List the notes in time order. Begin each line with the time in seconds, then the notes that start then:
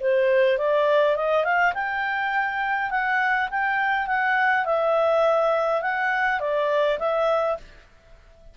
0.00 C5
0.57 D5
1.15 D#5
1.44 F5
1.74 G5
2.90 F#5
3.50 G5
4.07 F#5
4.65 E5
5.81 F#5
6.40 D5
6.99 E5